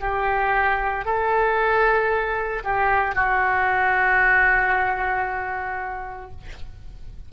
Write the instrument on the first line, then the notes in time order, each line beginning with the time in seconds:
oboe
0.00 G4
1.05 A4
2.63 G4
3.15 F#4